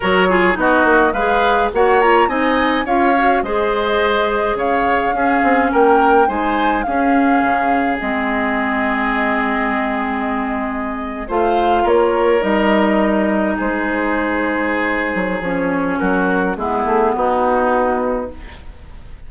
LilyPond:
<<
  \new Staff \with { instrumentName = "flute" } { \time 4/4 \tempo 4 = 105 cis''4 dis''4 f''4 fis''8 ais''8 | gis''4 f''4 dis''2 | f''2 g''4 gis''4 | f''2 dis''2~ |
dis''2.~ dis''8. f''16~ | f''8. cis''4 dis''2 c''16~ | c''2. cis''4 | ais'4 gis'4 fis'2 | }
  \new Staff \with { instrumentName = "oboe" } { \time 4/4 ais'8 gis'8 fis'4 b'4 cis''4 | dis''4 cis''4 c''2 | cis''4 gis'4 ais'4 c''4 | gis'1~ |
gis'2.~ gis'8. c''16~ | c''8. ais'2. gis'16~ | gis'1 | fis'4 e'4 dis'2 | }
  \new Staff \with { instrumentName = "clarinet" } { \time 4/4 fis'8 f'8 dis'4 gis'4 fis'8 f'8 | dis'4 f'8 fis'8 gis'2~ | gis'4 cis'2 dis'4 | cis'2 c'2~ |
c'2.~ c'8. f'16~ | f'4.~ f'16 dis'2~ dis'16~ | dis'2. cis'4~ | cis'4 b2. | }
  \new Staff \with { instrumentName = "bassoon" } { \time 4/4 fis4 b8 ais8 gis4 ais4 | c'4 cis'4 gis2 | cis4 cis'8 c'8 ais4 gis4 | cis'4 cis4 gis2~ |
gis2.~ gis8. a16~ | a8. ais4 g2 gis16~ | gis2~ gis8 fis8 f4 | fis4 gis8 a8 b2 | }
>>